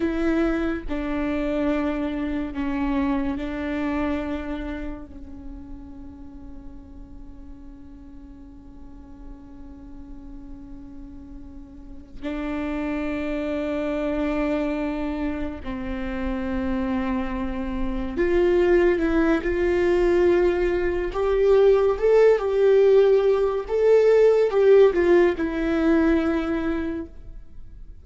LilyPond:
\new Staff \with { instrumentName = "viola" } { \time 4/4 \tempo 4 = 71 e'4 d'2 cis'4 | d'2 cis'2~ | cis'1~ | cis'2~ cis'8 d'4.~ |
d'2~ d'8 c'4.~ | c'4. f'4 e'8 f'4~ | f'4 g'4 a'8 g'4. | a'4 g'8 f'8 e'2 | }